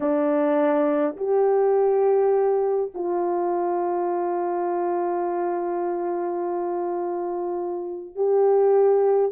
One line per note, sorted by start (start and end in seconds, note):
0.00 1.16 D4
1.17 2.91 G4
2.94 8.15 F4
8.15 9.31 G4